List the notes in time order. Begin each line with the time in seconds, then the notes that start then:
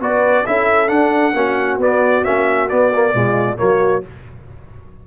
0.00 B3 F#4 B4 D5
0.46 C#4 E4 A4 E5
0.88 D4 F#5
1.34 A#3 C#4 F#4
1.78 B3 D5
2.24 A#3 C#4 E5
2.69 B3 D5
2.94 A#3
3.14 B2 G#3 F4
3.57 F#3 A#3 F#4 C#5